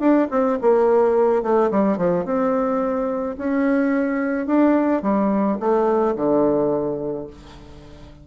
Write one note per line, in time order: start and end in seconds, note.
0.00 0.28 D4
0.31 0.59 C4
0.62 1.43 A#3
1.43 1.71 A3
1.71 1.98 G3
1.98 2.26 F3
2.26 3.37 C4
3.38 4.47 C#4
4.47 5.03 D4
5.03 5.58 G3
5.60 6.16 A3
6.16 7.27 D3